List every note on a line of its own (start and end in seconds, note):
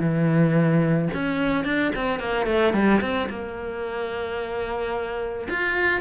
0.00 1.09 E3
1.14 1.65 C#4
1.65 1.92 D4
1.96 2.20 C4
2.20 2.46 A#3
2.46 2.74 A3
2.74 3.01 G3
3.01 3.29 C4
3.30 5.48 A#3
5.50 6.01 F4